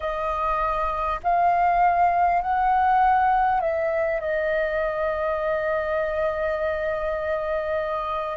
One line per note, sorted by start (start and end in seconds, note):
0.00 1.19 D#5
1.23 2.41 F5
2.41 3.60 F#5
3.60 4.20 E5
4.20 8.37 D#5